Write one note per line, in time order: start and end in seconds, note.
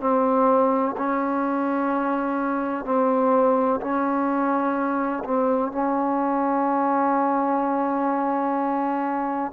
0.00 0.95 C4
0.97 2.84 C#4
2.84 3.80 C4
3.80 5.23 C#4
5.24 5.71 C4
5.71 9.52 C#4